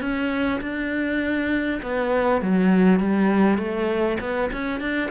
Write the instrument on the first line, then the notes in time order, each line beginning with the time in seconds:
cello
0.00 C#4
0.60 D4
1.82 B3
2.41 F#3
2.99 G3
3.58 A3
4.20 B3
4.52 C#4
4.80 D4